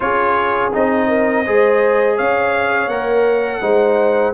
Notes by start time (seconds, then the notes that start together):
0.00 C#4 F4 G#4 C#5
0.73 C4 D#4 D#5
1.08 A#4
1.45 G#3 G#4 C5
2.16 C#4 C#5 F5
2.87 A#3 A#4 F#5
3.61 G#3 D#4 C5